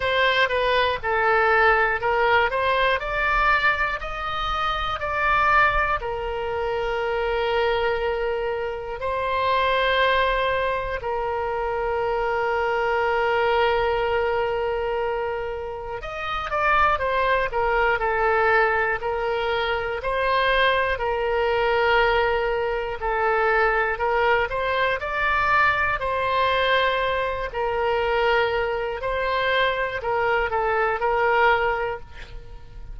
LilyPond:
\new Staff \with { instrumentName = "oboe" } { \time 4/4 \tempo 4 = 60 c''8 b'8 a'4 ais'8 c''8 d''4 | dis''4 d''4 ais'2~ | ais'4 c''2 ais'4~ | ais'1 |
dis''8 d''8 c''8 ais'8 a'4 ais'4 | c''4 ais'2 a'4 | ais'8 c''8 d''4 c''4. ais'8~ | ais'4 c''4 ais'8 a'8 ais'4 | }